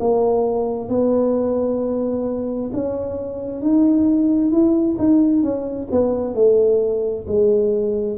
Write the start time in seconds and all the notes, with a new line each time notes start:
0.00 A#3
0.89 B3
2.74 C#4
3.62 D#4
4.51 E4
4.99 D#4
5.43 C#4
5.91 B3
6.35 A3
7.27 G#3